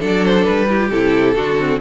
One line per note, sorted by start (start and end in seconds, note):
0.00 0.48 F#3
0.00 0.67 D4
0.00 0.67 A4
0.08 0.25 D5
0.25 0.45 C5
0.45 0.91 G3
0.45 0.89 B4
0.68 0.80 E4
0.68 1.35 G4
0.80 0.91 F4
0.91 1.36 C3
0.91 1.36 E4
0.91 1.80 A4
1.36 1.80 D3
1.36 1.58 D4
1.36 1.81 F#4
1.60 1.82 C4